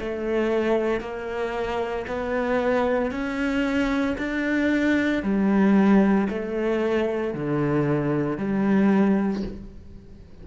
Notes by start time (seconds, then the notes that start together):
0.00 A3
1.00 A#3
2.08 B3
3.11 C#4
4.18 D4
5.23 G3
6.29 A3
7.34 D3
8.38 G3